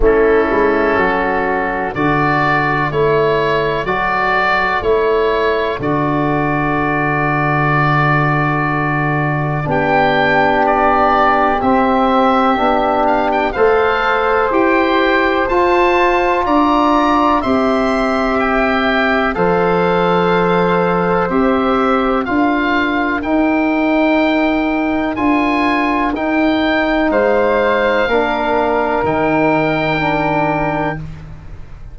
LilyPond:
<<
  \new Staff \with { instrumentName = "oboe" } { \time 4/4 \tempo 4 = 62 a'2 d''4 cis''4 | d''4 cis''4 d''2~ | d''2 g''4 d''4 | e''4. f''16 g''16 f''4 g''4 |
a''4 ais''4 c'''4 g''4 | f''2 e''4 f''4 | g''2 gis''4 g''4 | f''2 g''2 | }
  \new Staff \with { instrumentName = "flute" } { \time 4/4 e'4 fis'4 a'2~ | a'1~ | a'2 g'2~ | g'2 c''2~ |
c''4 d''4 e''2 | c''2. ais'4~ | ais'1 | c''4 ais'2. | }
  \new Staff \with { instrumentName = "trombone" } { \time 4/4 cis'2 fis'4 e'4 | fis'4 e'4 fis'2~ | fis'2 d'2 | c'4 d'4 a'4 g'4 |
f'2 g'2 | a'2 g'4 f'4 | dis'2 f'4 dis'4~ | dis'4 d'4 dis'4 d'4 | }
  \new Staff \with { instrumentName = "tuba" } { \time 4/4 a8 gis8 fis4 d4 a4 | fis4 a4 d2~ | d2 b2 | c'4 b4 a4 e'4 |
f'4 d'4 c'2 | f2 c'4 d'4 | dis'2 d'4 dis'4 | gis4 ais4 dis2 | }
>>